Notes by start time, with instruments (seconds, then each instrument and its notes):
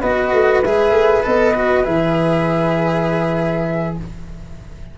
0.00 tuba B3, cello F#4, flute B4 D#5
0.33 tuba A3
0.63 tuba G#3, cello G#4, flute E5
0.91 tuba A3
1.23 tuba B3, cello A4, flute D#5
1.54 cello F#4
1.84 tuba E3, cello G#4, flute E5